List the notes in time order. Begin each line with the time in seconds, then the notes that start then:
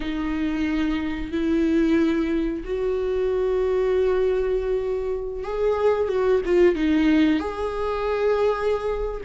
0.00 D#4
1.31 E4
2.64 F#4
5.43 G#4
6.08 F#4
6.45 F4
6.75 D#4
7.39 G#4